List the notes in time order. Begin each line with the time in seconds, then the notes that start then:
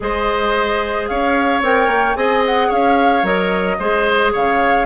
0.00 G#3 G#4 C5 D#5
1.07 C#4 C#5 F5
1.62 C4 A#4 G5
1.87 A#3
2.15 C4 G#4 D#5 G#5
2.45 F#5
2.68 C#4 C#5 F5
3.22 F#3 A#4 D#5
3.79 G#3 G#4 C5
4.32 C#3 C#5 F5